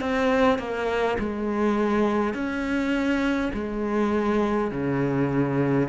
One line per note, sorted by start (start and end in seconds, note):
0.00 0.58 C4
0.58 1.17 A#3
1.19 2.33 G#3
2.33 3.51 C#4
3.53 4.71 G#3
4.71 5.88 C#3